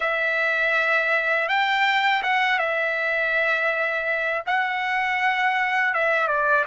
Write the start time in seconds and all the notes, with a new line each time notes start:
0.00 E5
1.48 G5
2.22 F#5
2.59 E5
4.46 F#5
5.94 E5
6.27 D5